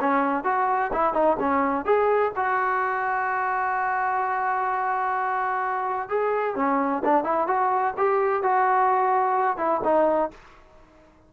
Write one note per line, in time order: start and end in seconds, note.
0.00 0.44 C#4
0.44 0.91 F#4
0.93 1.14 E4
1.14 1.37 D#4
1.40 1.85 C#4
1.85 2.32 G#4
2.36 6.09 F#4
6.09 6.56 G#4
6.56 7.03 C#4
7.04 7.24 D4
7.24 7.47 E4
7.47 7.94 F#4
7.97 8.43 G4
8.43 9.57 F#4
9.57 9.81 E4
9.84 10.31 D#4